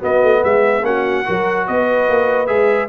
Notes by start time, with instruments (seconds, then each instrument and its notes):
0.00 trombone B3, tuba B3, horn F#4, trumpet D#5
0.23 tuba A3
0.43 tuba G#3, horn G#4, trumpet E5
0.83 tuba A#3, trombone C#4, horn F#4, trumpet F#5
1.25 tuba F#3, trombone F#4, horn A#4
1.67 tuba B3, horn B4, trumpet D#5
2.09 tuba A#3
2.47 tuba G#3, trombone G#4, trumpet E5